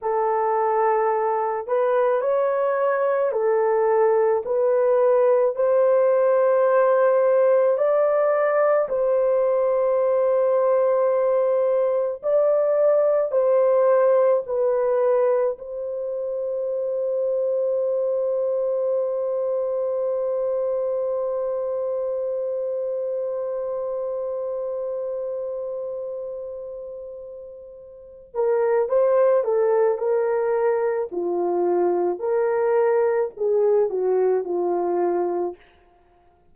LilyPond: \new Staff \with { instrumentName = "horn" } { \time 4/4 \tempo 4 = 54 a'4. b'8 cis''4 a'4 | b'4 c''2 d''4 | c''2. d''4 | c''4 b'4 c''2~ |
c''1~ | c''1~ | c''4. ais'8 c''8 a'8 ais'4 | f'4 ais'4 gis'8 fis'8 f'4 | }